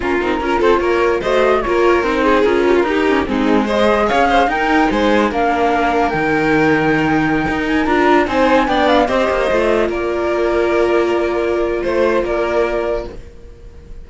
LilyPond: <<
  \new Staff \with { instrumentName = "flute" } { \time 4/4 \tempo 4 = 147 ais'4. c''8 cis''4 dis''4 | cis''4 c''4 ais'2 | gis'4 dis''4 f''4 g''4 | gis''4 f''2 g''4~ |
g''2~ g''8. gis''8 ais''8.~ | ais''16 gis''4 g''8 f''8 dis''4.~ dis''16~ | dis''16 d''2.~ d''8.~ | d''4 c''4 d''2 | }
  \new Staff \with { instrumentName = "violin" } { \time 4/4 f'4 ais'8 a'8 ais'4 c''4 | ais'4. gis'4 g'16 f'16 g'4 | dis'4 c''4 cis''8 c''8 ais'4 | c''4 ais'2.~ |
ais'1~ | ais'16 c''4 d''4 c''4.~ c''16~ | c''16 ais'2.~ ais'8.~ | ais'4 c''4 ais'2 | }
  \new Staff \with { instrumentName = "viola" } { \time 4/4 cis'8 dis'8 f'2 fis'4 | f'4 dis'4 f'4 dis'8 cis'8 | c'4 gis'2 dis'4~ | dis'4 d'2 dis'4~ |
dis'2.~ dis'16 f'8.~ | f'16 dis'4 d'4 g'4 f'8.~ | f'1~ | f'1 | }
  \new Staff \with { instrumentName = "cello" } { \time 4/4 ais8 c'8 cis'8 c'8 ais4 a4 | ais4 c'4 cis'4 dis'4 | gis2 cis'4 dis'4 | gis4 ais2 dis4~ |
dis2~ dis16 dis'4 d'8.~ | d'16 c'4 b4 c'8 ais8 a8.~ | a16 ais2.~ ais8.~ | ais4 a4 ais2 | }
>>